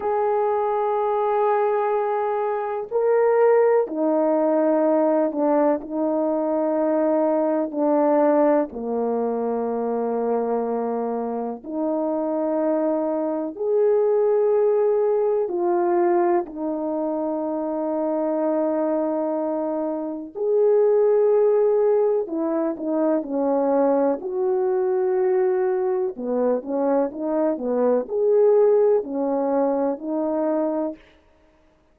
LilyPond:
\new Staff \with { instrumentName = "horn" } { \time 4/4 \tempo 4 = 62 gis'2. ais'4 | dis'4. d'8 dis'2 | d'4 ais2. | dis'2 gis'2 |
f'4 dis'2.~ | dis'4 gis'2 e'8 dis'8 | cis'4 fis'2 b8 cis'8 | dis'8 b8 gis'4 cis'4 dis'4 | }